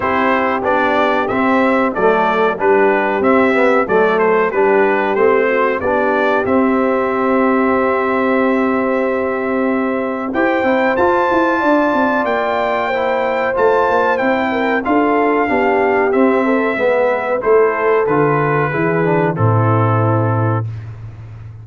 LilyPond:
<<
  \new Staff \with { instrumentName = "trumpet" } { \time 4/4 \tempo 4 = 93 c''4 d''4 e''4 d''4 | b'4 e''4 d''8 c''8 b'4 | c''4 d''4 e''2~ | e''1 |
g''4 a''2 g''4~ | g''4 a''4 g''4 f''4~ | f''4 e''2 c''4 | b'2 a'2 | }
  \new Staff \with { instrumentName = "horn" } { \time 4/4 g'2. a'4 | g'2 a'4 g'4~ | g'8 fis'8 g'2.~ | g'1 |
c''2 d''2 | c''2~ c''8 ais'8 a'4 | g'4. a'8 b'4 a'4~ | a'4 gis'4 e'2 | }
  \new Staff \with { instrumentName = "trombone" } { \time 4/4 e'4 d'4 c'4 a4 | d'4 c'8 b8 a4 d'4 | c'4 d'4 c'2~ | c'1 |
g'8 e'8 f'2. | e'4 f'4 e'4 f'4 | d'4 c'4 b4 e'4 | f'4 e'8 d'8 c'2 | }
  \new Staff \with { instrumentName = "tuba" } { \time 4/4 c'4 b4 c'4 fis4 | g4 c'4 fis4 g4 | a4 b4 c'2~ | c'1 |
e'8 c'8 f'8 e'8 d'8 c'8 ais4~ | ais4 a8 ais8 c'4 d'4 | b4 c'4 gis4 a4 | d4 e4 a,2 | }
>>